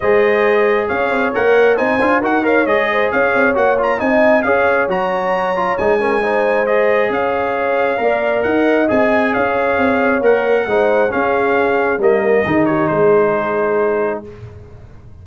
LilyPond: <<
  \new Staff \with { instrumentName = "trumpet" } { \time 4/4 \tempo 4 = 135 dis''2 f''4 fis''4 | gis''4 fis''8 f''8 dis''4 f''4 | fis''8 ais''8 gis''4 f''4 ais''4~ | ais''4 gis''2 dis''4 |
f''2. fis''4 | gis''4 f''2 fis''4~ | fis''4 f''2 dis''4~ | dis''8 cis''8 c''2. | }
  \new Staff \with { instrumentName = "horn" } { \time 4/4 c''2 cis''2 | c''4 ais'8 cis''4 c''8 cis''4~ | cis''4 dis''4 cis''2~ | cis''4. ais'8 c''2 |
cis''2 d''4 dis''4~ | dis''4 cis''2. | c''4 gis'2 ais'4 | gis'8 g'8 gis'2. | }
  \new Staff \with { instrumentName = "trombone" } { \time 4/4 gis'2. ais'4 | dis'8 f'8 fis'8 ais'8 gis'2 | fis'8 f'8 dis'4 gis'4 fis'4~ | fis'8 f'8 dis'8 cis'8 dis'4 gis'4~ |
gis'2 ais'2 | gis'2. ais'4 | dis'4 cis'2 ais4 | dis'1 | }
  \new Staff \with { instrumentName = "tuba" } { \time 4/4 gis2 cis'8 c'8 ais4 | c'8 d'8 dis'4 gis4 cis'8 c'8 | ais4 c'4 cis'4 fis4~ | fis4 gis2. |
cis'2 ais4 dis'4 | c'4 cis'4 c'4 ais4 | gis4 cis'2 g4 | dis4 gis2. | }
>>